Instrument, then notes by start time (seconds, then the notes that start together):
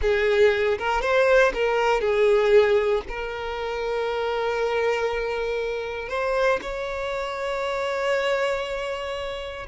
violin
0.01 G#4
0.78 A#4
1.01 C5
1.53 A#4
2.00 G#4
3.08 A#4
6.09 C5
6.61 C#5